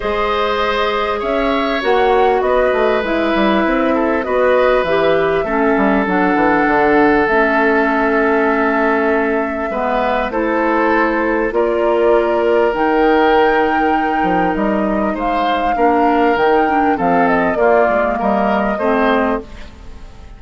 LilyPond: <<
  \new Staff \with { instrumentName = "flute" } { \time 4/4 \tempo 4 = 99 dis''2 e''4 fis''4 | dis''4 e''2 dis''4 | e''2 fis''2 | e''1~ |
e''4 c''2 d''4~ | d''4 g''2. | dis''4 f''2 g''4 | f''8 dis''8 d''4 dis''2 | }
  \new Staff \with { instrumentName = "oboe" } { \time 4/4 c''2 cis''2 | b'2~ b'8 a'8 b'4~ | b'4 a'2.~ | a'1 |
b'4 a'2 ais'4~ | ais'1~ | ais'4 c''4 ais'2 | a'4 f'4 ais'4 c''4 | }
  \new Staff \with { instrumentName = "clarinet" } { \time 4/4 gis'2. fis'4~ | fis'4 e'2 fis'4 | g'4 cis'4 d'2 | cis'1 |
b4 e'2 f'4~ | f'4 dis'2.~ | dis'2 d'4 dis'8 d'8 | c'4 ais2 c'4 | }
  \new Staff \with { instrumentName = "bassoon" } { \time 4/4 gis2 cis'4 ais4 | b8 a8 gis8 g8 c'4 b4 | e4 a8 g8 fis8 e8 d4 | a1 |
gis4 a2 ais4~ | ais4 dis2~ dis8 f8 | g4 gis4 ais4 dis4 | f4 ais8 gis8 g4 a4 | }
>>